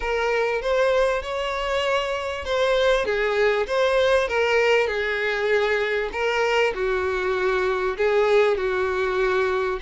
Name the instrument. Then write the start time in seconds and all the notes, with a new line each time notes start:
violin
0.00 A#4
0.61 C5
1.22 C#5
2.44 C5
3.05 G#4
3.66 C5
4.27 A#4
4.87 G#4
6.12 A#4
6.74 F#4
7.97 G#4
8.57 F#4